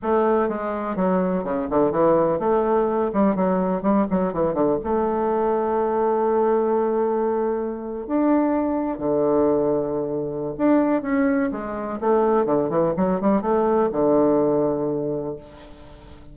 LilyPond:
\new Staff \with { instrumentName = "bassoon" } { \time 4/4 \tempo 4 = 125 a4 gis4 fis4 cis8 d8 | e4 a4. g8 fis4 | g8 fis8 e8 d8 a2~ | a1~ |
a8. d'2 d4~ d16~ | d2 d'4 cis'4 | gis4 a4 d8 e8 fis8 g8 | a4 d2. | }